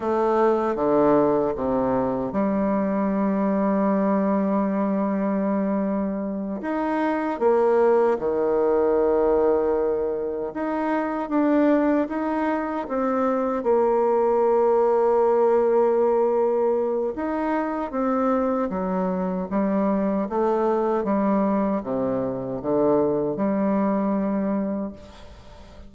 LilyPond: \new Staff \with { instrumentName = "bassoon" } { \time 4/4 \tempo 4 = 77 a4 d4 c4 g4~ | g1~ | g8 dis'4 ais4 dis4.~ | dis4. dis'4 d'4 dis'8~ |
dis'8 c'4 ais2~ ais8~ | ais2 dis'4 c'4 | fis4 g4 a4 g4 | c4 d4 g2 | }